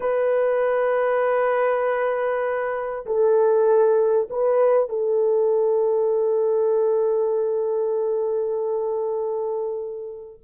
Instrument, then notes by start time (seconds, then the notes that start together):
horn
0.00 B4
3.06 A4
4.29 B4
4.89 A4